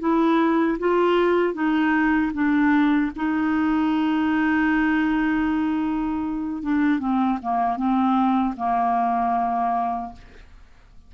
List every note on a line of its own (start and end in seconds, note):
0.00 0.78 E4
0.79 1.54 F4
1.54 2.32 D#4
2.34 3.12 D4
3.16 6.62 D#4
6.62 7.00 D4
7.00 7.38 C4
7.42 7.77 A#3
7.77 8.55 C4
8.57 10.13 A#3